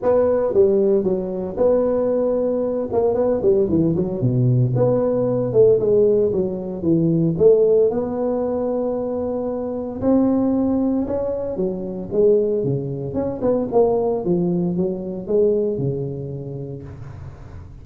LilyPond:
\new Staff \with { instrumentName = "tuba" } { \time 4/4 \tempo 4 = 114 b4 g4 fis4 b4~ | b4. ais8 b8 g8 e8 fis8 | b,4 b4. a8 gis4 | fis4 e4 a4 b4~ |
b2. c'4~ | c'4 cis'4 fis4 gis4 | cis4 cis'8 b8 ais4 f4 | fis4 gis4 cis2 | }